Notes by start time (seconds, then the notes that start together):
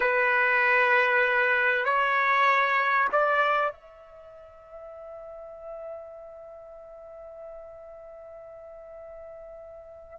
0.00 B4
1.84 C#5
3.12 D5
3.72 E5